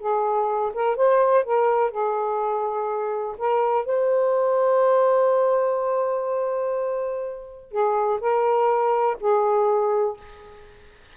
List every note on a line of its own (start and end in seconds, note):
0.00 0.73 G#4
0.74 0.97 A#4
0.97 1.44 C5
1.44 1.91 A#4
1.91 3.37 G#4
3.38 3.86 A#4
3.86 7.72 C5
7.72 8.20 G#4
8.21 9.18 A#4
9.21 10.17 G#4